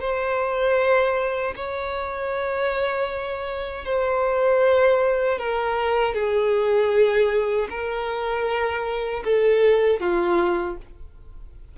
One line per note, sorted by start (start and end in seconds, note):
0.00 1.54 C5
1.56 3.85 C#5
3.85 5.38 C5
5.38 6.14 A#4
6.14 7.68 G#4
7.69 9.23 A#4
9.24 10.00 A4
10.00 10.77 F4